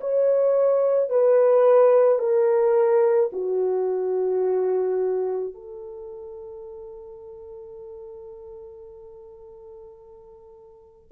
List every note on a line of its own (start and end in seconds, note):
0.00 1.09 C#5
1.09 2.19 B4
2.19 3.30 A#4
3.32 5.54 F#4
5.54 11.10 A4